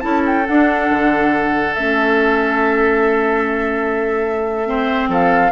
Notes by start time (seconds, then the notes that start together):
0.00 C#4 E4 A4 A5
0.25 G5
0.46 D4 F#5
0.90 D3
1.74 A3 C#4 E5
4.66 C4 C5
5.08 F3 A4 F5